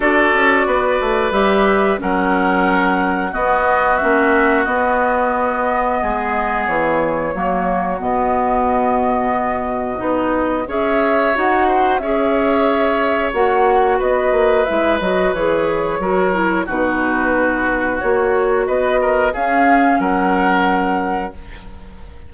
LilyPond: <<
  \new Staff \with { instrumentName = "flute" } { \time 4/4 \tempo 4 = 90 d''2 e''4 fis''4~ | fis''4 dis''4 e''4 dis''4~ | dis''2 cis''2 | dis''1 |
e''4 fis''4 e''2 | fis''4 dis''4 e''8 dis''8 cis''4~ | cis''4 b'2 cis''4 | dis''4 f''4 fis''2 | }
  \new Staff \with { instrumentName = "oboe" } { \time 4/4 a'4 b'2 ais'4~ | ais'4 fis'2.~ | fis'4 gis'2 fis'4~ | fis'1 |
cis''4. c''8 cis''2~ | cis''4 b'2. | ais'4 fis'2. | b'8 ais'8 gis'4 ais'2 | }
  \new Staff \with { instrumentName = "clarinet" } { \time 4/4 fis'2 g'4 cis'4~ | cis'4 b4 cis'4 b4~ | b2. ais4 | b2. dis'4 |
gis'4 fis'4 gis'2 | fis'2 e'8 fis'8 gis'4 | fis'8 e'8 dis'2 fis'4~ | fis'4 cis'2. | }
  \new Staff \with { instrumentName = "bassoon" } { \time 4/4 d'8 cis'8 b8 a8 g4 fis4~ | fis4 b4 ais4 b4~ | b4 gis4 e4 fis4 | b,2. b4 |
cis'4 dis'4 cis'2 | ais4 b8 ais8 gis8 fis8 e4 | fis4 b,2 ais4 | b4 cis'4 fis2 | }
>>